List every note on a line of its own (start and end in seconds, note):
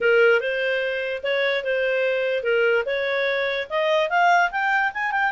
0.00 0.40 A#4
0.40 1.22 C5
1.23 1.63 C#5
1.63 2.43 C5
2.43 2.84 A#4
2.85 3.67 C#5
3.69 4.09 D#5
4.09 4.50 F5
4.51 4.92 G5
4.93 5.11 G#5
5.11 5.32 G5